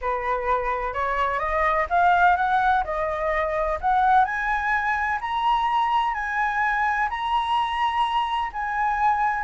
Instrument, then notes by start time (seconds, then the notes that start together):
flute
0.01 B4
0.93 C#5
1.39 D#5
1.89 F5
2.36 F#5
2.84 D#5
3.80 F#5
4.24 G#5
5.20 A#5
6.14 G#5
7.09 A#5
8.52 G#5